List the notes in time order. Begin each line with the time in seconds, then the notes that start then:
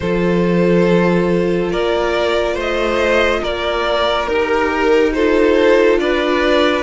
0.00 F3 F4 A4 C5
1.71 A#3 A#4 D5
2.54 A3 C5
2.60 D#5
3.41 A#3 A#4 D5
4.27 D#4 G4 A#4
5.13 F4 A4 C5
5.98 D4 B4 D5